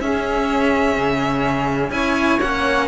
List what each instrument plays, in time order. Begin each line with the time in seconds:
0.00 cello C#4, flute G#4, violin E5
0.97 cello C#3
1.90 cello C#4 E4, flute C#5, violin G#5
2.41 cello A#3 C#4, violin F#5